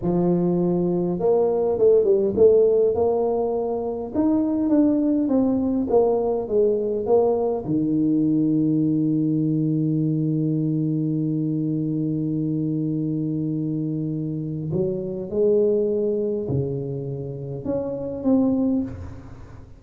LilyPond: \new Staff \with { instrumentName = "tuba" } { \time 4/4 \tempo 4 = 102 f2 ais4 a8 g8 | a4 ais2 dis'4 | d'4 c'4 ais4 gis4 | ais4 dis2.~ |
dis1~ | dis1~ | dis4 fis4 gis2 | cis2 cis'4 c'4 | }